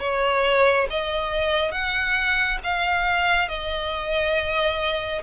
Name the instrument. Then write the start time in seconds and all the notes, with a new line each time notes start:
violin
0.00 C#5
0.90 D#5
1.72 F#5
2.64 F5
3.48 D#5